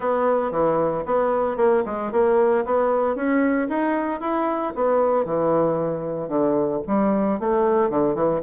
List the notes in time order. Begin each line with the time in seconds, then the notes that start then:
0.00 B3
0.51 E3
1.05 B3
1.56 A#3
1.85 G#3
2.12 A#3
2.65 B3
3.15 C#4
3.68 D#4
4.20 E4
4.75 B3
5.25 E3
6.28 D3
6.87 G3
7.39 A3
7.89 D3
8.14 E3